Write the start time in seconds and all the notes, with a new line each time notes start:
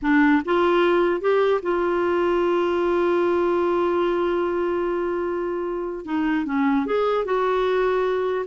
0.02 D4
0.45 F4
1.20 G4
1.62 F4
6.05 D#4
6.45 C#4
6.86 G#4
7.24 F#4